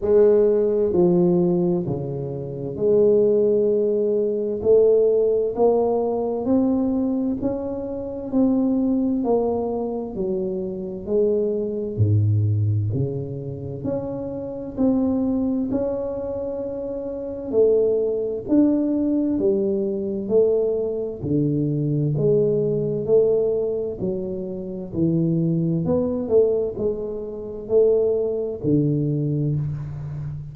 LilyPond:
\new Staff \with { instrumentName = "tuba" } { \time 4/4 \tempo 4 = 65 gis4 f4 cis4 gis4~ | gis4 a4 ais4 c'4 | cis'4 c'4 ais4 fis4 | gis4 gis,4 cis4 cis'4 |
c'4 cis'2 a4 | d'4 g4 a4 d4 | gis4 a4 fis4 e4 | b8 a8 gis4 a4 d4 | }